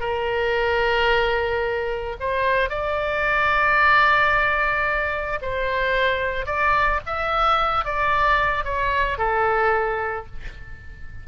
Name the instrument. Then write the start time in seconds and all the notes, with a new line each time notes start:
oboe
0.00 A#4
2.20 C5
2.69 D5
5.42 C5
6.46 D5
7.06 E5
7.85 D5
8.64 C#5
9.18 A4